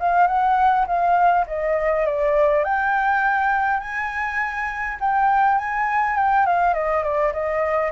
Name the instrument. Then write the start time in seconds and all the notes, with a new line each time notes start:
flute
0.00 F5
0.27 F#5
0.87 F5
1.47 D#5
2.06 D5
2.65 G5
3.80 G#5
5.00 G5
5.59 G#5
6.17 G5
6.47 F5
6.74 D#5
7.03 D5
7.33 D#5